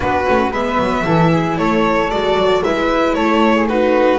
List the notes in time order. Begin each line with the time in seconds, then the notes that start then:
0.00 B3 D4 F#4 B4
0.26 A3 C#4
0.51 G#3 B3 B4 E5
0.78 F#3
1.04 E3 E4 A4
1.31 G#4
1.57 A3 A4 C#5
2.10 G#3 F#4 D5
2.36 F#3
2.64 G#3 E4 B4 E5
3.13 A3 A4 C#5
3.55 G#4
3.68 D#4 F#4 B4